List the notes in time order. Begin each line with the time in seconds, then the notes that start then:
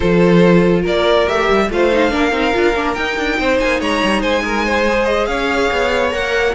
0.00 F3 F4 A4 C5
0.82 A#3 A#4 D5
1.26 A3 G4 E5
1.50 G3
1.69 A3 F4 C5 F5
1.92 D#4
2.10 A#3 D4 A#4
2.32 C4 D#4
2.53 D4 F4
2.75 A#3 D4
2.94 D#4 G5
3.17 D4
3.38 C4 C5
3.59 A#3 G#5
3.80 G#3 C#5 A#5
4.03 G3
4.21 G#3 C5 G#5
4.44 A#4
4.65 C5
4.87 G#4
5.05 D#5
5.26 C#4 C#5 F5
5.71 B3
6.10 A#3 A#4 F#5